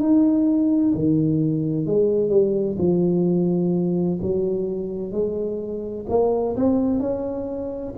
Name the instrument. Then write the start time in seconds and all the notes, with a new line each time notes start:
tuba
0.00 D#4
0.94 D#3
1.86 G#3
2.30 G3
2.78 F3
4.22 F#3
5.12 G#3
6.09 A#3
6.57 C4
7.00 C#4